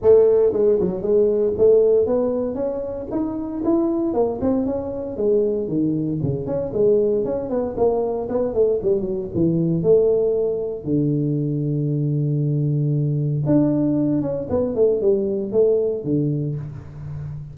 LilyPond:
\new Staff \with { instrumentName = "tuba" } { \time 4/4 \tempo 4 = 116 a4 gis8 fis8 gis4 a4 | b4 cis'4 dis'4 e'4 | ais8 c'8 cis'4 gis4 dis4 | cis8 cis'8 gis4 cis'8 b8 ais4 |
b8 a8 g8 fis8 e4 a4~ | a4 d2.~ | d2 d'4. cis'8 | b8 a8 g4 a4 d4 | }